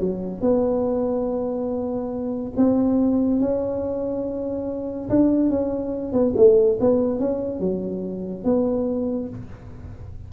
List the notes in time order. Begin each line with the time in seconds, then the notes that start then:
0.00 F#3
0.41 B3
2.57 C4
3.40 C#4
5.09 D4
5.50 C#4
6.13 B3
6.36 A3
6.80 B3
7.19 C#4
7.60 F#3
8.44 B3